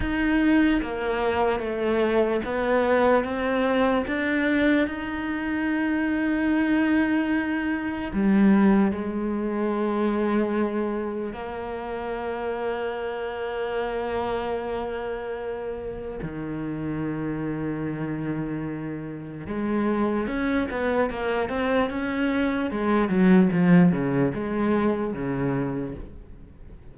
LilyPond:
\new Staff \with { instrumentName = "cello" } { \time 4/4 \tempo 4 = 74 dis'4 ais4 a4 b4 | c'4 d'4 dis'2~ | dis'2 g4 gis4~ | gis2 ais2~ |
ais1 | dis1 | gis4 cis'8 b8 ais8 c'8 cis'4 | gis8 fis8 f8 cis8 gis4 cis4 | }